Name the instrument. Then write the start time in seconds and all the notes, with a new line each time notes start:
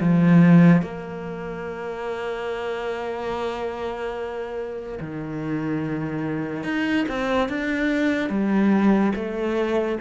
cello
0.00 F3
0.82 A#3
5.00 D#3
6.64 D#4
7.08 C4
7.48 D4
8.30 G3
9.15 A3